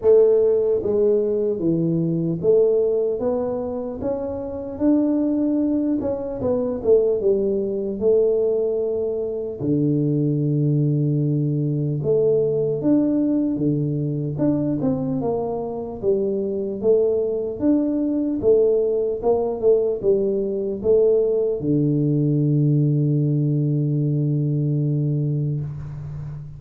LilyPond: \new Staff \with { instrumentName = "tuba" } { \time 4/4 \tempo 4 = 75 a4 gis4 e4 a4 | b4 cis'4 d'4. cis'8 | b8 a8 g4 a2 | d2. a4 |
d'4 d4 d'8 c'8 ais4 | g4 a4 d'4 a4 | ais8 a8 g4 a4 d4~ | d1 | }